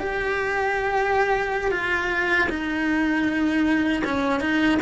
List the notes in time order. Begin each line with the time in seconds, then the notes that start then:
0.00 G4
1.72 F4
2.49 D#4
4.05 C#4
4.41 D#4